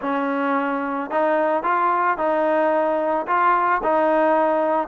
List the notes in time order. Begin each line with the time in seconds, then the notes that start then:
0.01 C#4
1.10 D#4
1.63 F4
2.17 D#4
3.27 F4
3.83 D#4